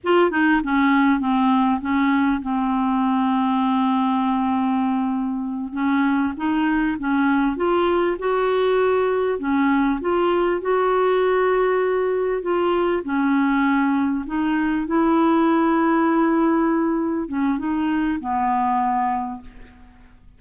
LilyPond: \new Staff \with { instrumentName = "clarinet" } { \time 4/4 \tempo 4 = 99 f'8 dis'8 cis'4 c'4 cis'4 | c'1~ | c'4. cis'4 dis'4 cis'8~ | cis'8 f'4 fis'2 cis'8~ |
cis'8 f'4 fis'2~ fis'8~ | fis'8 f'4 cis'2 dis'8~ | dis'8 e'2.~ e'8~ | e'8 cis'8 dis'4 b2 | }